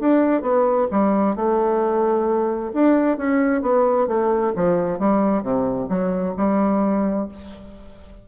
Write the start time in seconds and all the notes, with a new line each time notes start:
0.00 D4
0.42 B3
0.91 G3
1.36 A3
2.74 D4
3.18 C#4
3.62 B3
4.08 A3
4.56 F3
4.99 G3
5.43 C3
5.89 F#3
6.37 G3